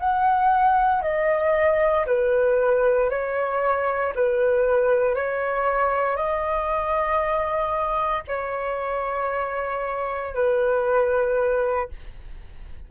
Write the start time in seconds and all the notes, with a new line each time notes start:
0.00 F#5
1.03 D#5
2.07 B4
3.10 C#5
4.16 B4
5.16 C#5
6.17 D#5
8.28 C#5
10.34 B4